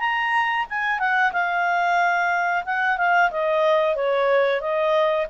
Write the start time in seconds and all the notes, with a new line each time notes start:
0.00 A#5
0.70 G#5
1.00 F#5
1.33 F5
2.66 F#5
2.98 F5
3.31 D#5
3.96 C#5
4.61 D#5